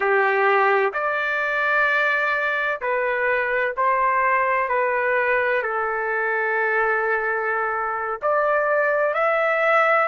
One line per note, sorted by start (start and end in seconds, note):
0.00 0.92 G4
0.93 2.80 D5
2.81 3.75 B4
3.77 4.68 C5
4.68 5.62 B4
5.62 8.20 A4
8.22 9.14 D5
9.14 10.07 E5